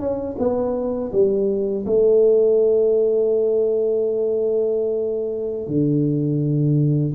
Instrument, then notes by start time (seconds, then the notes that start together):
tuba
0.00 C#4
0.39 B3
1.12 G3
1.86 A3
5.68 D3